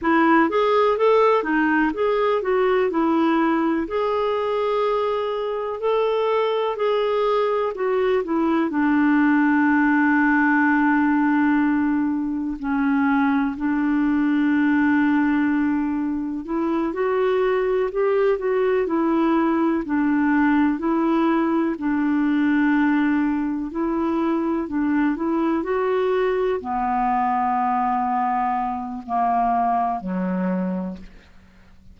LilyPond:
\new Staff \with { instrumentName = "clarinet" } { \time 4/4 \tempo 4 = 62 e'8 gis'8 a'8 dis'8 gis'8 fis'8 e'4 | gis'2 a'4 gis'4 | fis'8 e'8 d'2.~ | d'4 cis'4 d'2~ |
d'4 e'8 fis'4 g'8 fis'8 e'8~ | e'8 d'4 e'4 d'4.~ | d'8 e'4 d'8 e'8 fis'4 b8~ | b2 ais4 fis4 | }